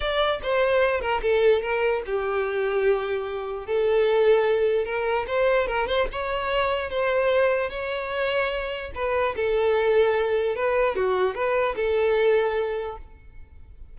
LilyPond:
\new Staff \with { instrumentName = "violin" } { \time 4/4 \tempo 4 = 148 d''4 c''4. ais'8 a'4 | ais'4 g'2.~ | g'4 a'2. | ais'4 c''4 ais'8 c''8 cis''4~ |
cis''4 c''2 cis''4~ | cis''2 b'4 a'4~ | a'2 b'4 fis'4 | b'4 a'2. | }